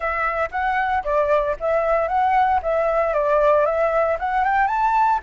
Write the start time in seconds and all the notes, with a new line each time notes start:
0.00 E5
0.51 F#5
1.04 D5
1.59 E5
2.08 F#5
2.62 E5
3.13 D5
3.65 E5
4.19 F#5
4.44 G5
4.67 A5